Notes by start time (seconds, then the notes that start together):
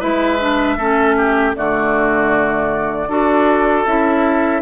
0.00 G#3 E4 B4 E5
0.40 D4
0.77 A3 C#4 A4
1.17 G4
1.55 D3 A3 F#4 D5
3.08 D4 F#4 A4
3.86 C#4 E4 E5